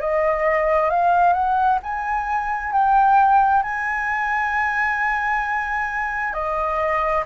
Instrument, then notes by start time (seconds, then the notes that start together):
flute
0.00 D#5
0.89 F5
1.33 F#5
1.82 G#5
2.72 G5
3.62 G#5
6.33 D#5